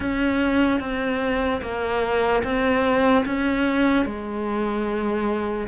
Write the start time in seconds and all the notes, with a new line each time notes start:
0.00 C#4
0.80 C4
1.61 A#3
2.43 C4
3.25 C#4
4.05 G#3